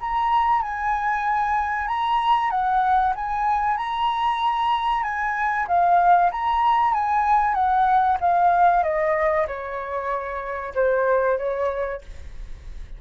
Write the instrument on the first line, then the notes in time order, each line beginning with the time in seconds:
flute
0.00 A#5
0.62 G#5
1.87 A#5
2.50 F#5
3.15 G#5
3.77 A#5
5.03 G#5
5.67 F5
6.31 A#5
6.93 G#5
7.54 F#5
8.20 F5
8.83 D#5
9.47 C#5
10.74 C5
11.37 C#5